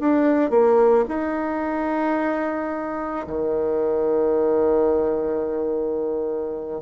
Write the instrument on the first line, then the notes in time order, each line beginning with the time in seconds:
bassoon
0.00 D4
0.51 A#3
1.09 D#4
3.27 D#3